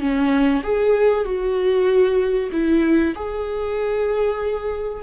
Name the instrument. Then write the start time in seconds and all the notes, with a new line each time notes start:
viola
0.00 C#4
0.63 G#4
1.25 F#4
2.52 E4
3.15 G#4